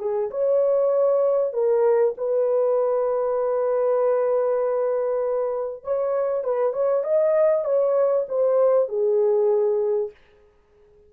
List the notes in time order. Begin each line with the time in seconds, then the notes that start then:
0.00 G#4
0.31 C#5
1.53 A#4
2.18 B4
5.84 C#5
6.44 B4
6.73 C#5
7.04 D#5
7.65 C#5
8.29 C5
8.89 G#4